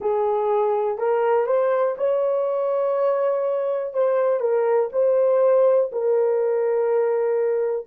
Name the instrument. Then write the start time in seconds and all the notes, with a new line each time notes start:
horn
0.00 G#4
0.97 A#4
1.46 C5
1.97 C#5
3.93 C5
4.40 A#4
4.92 C5
5.92 A#4